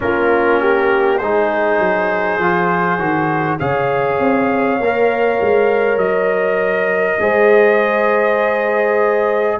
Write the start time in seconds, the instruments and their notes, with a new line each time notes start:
0.00 tuba A#3, trombone C#4, horn F4, trumpet A#4
0.60 horn G4
1.18 tuba G#3, trombone D#4, horn G#4, trumpet C5
1.78 tuba F#3
2.38 tuba F3, trombone F4
2.98 tuba D#3, trombone F#4
3.59 tuba C#3, trombone G#4, horn C#5, trumpet F5
4.19 tuba C4
4.79 tuba A#3, trombone A#4
5.41 tuba G#3
5.96 tuba F#3, trumpet D#5
7.20 tuba G#3, trombone G#4, horn C5